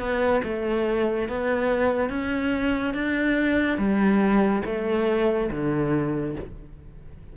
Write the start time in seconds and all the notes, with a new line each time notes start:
0.00 B3
0.44 A3
1.29 B3
2.10 C#4
2.94 D4
3.78 G3
4.66 A3
5.51 D3